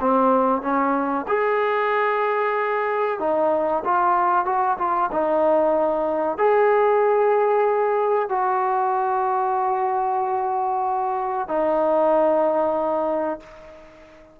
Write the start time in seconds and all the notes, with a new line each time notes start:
0.00 C4
0.62 C#4
1.28 G#4
3.19 D#4
3.85 F4
4.45 F#4
4.78 F4
5.12 D#4
6.38 G#4
8.29 F#4
11.48 D#4